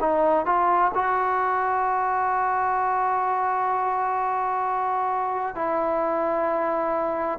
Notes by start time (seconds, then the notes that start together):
0.00 D#4
0.46 F4
0.94 F#4
5.55 E4